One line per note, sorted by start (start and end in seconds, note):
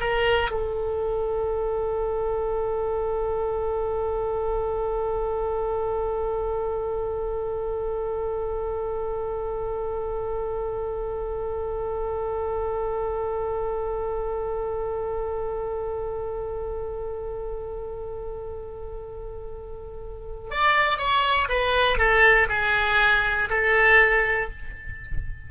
0.00 0.50 A#4
0.50 20.50 A4
20.50 20.98 D5
20.98 21.48 C#5
21.49 21.97 B4
21.97 22.47 A4
22.49 23.49 G#4
23.50 24.50 A4